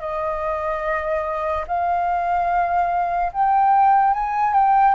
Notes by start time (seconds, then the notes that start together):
0.00 D#5
1.67 F5
3.33 G5
4.14 G#5
4.53 G5